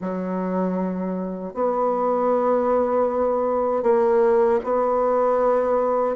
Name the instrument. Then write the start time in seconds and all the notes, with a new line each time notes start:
bassoon
0.01 F#3
1.53 B3
3.83 A#3
4.64 B3